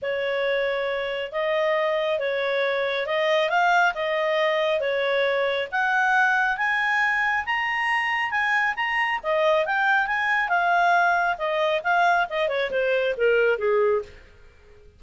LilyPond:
\new Staff \with { instrumentName = "clarinet" } { \time 4/4 \tempo 4 = 137 cis''2. dis''4~ | dis''4 cis''2 dis''4 | f''4 dis''2 cis''4~ | cis''4 fis''2 gis''4~ |
gis''4 ais''2 gis''4 | ais''4 dis''4 g''4 gis''4 | f''2 dis''4 f''4 | dis''8 cis''8 c''4 ais'4 gis'4 | }